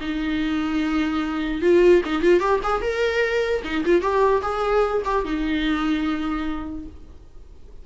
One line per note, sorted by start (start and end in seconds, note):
0.00 1.61 D#4
1.61 2.01 F4
2.05 2.21 D#4
2.21 2.39 F4
2.39 2.60 G4
2.63 2.81 G#4
2.81 3.62 A#4
3.64 3.84 D#4
3.85 4.01 F4
4.01 4.41 G4
4.42 5.02 G#4
5.04 5.24 G4
5.24 6.85 D#4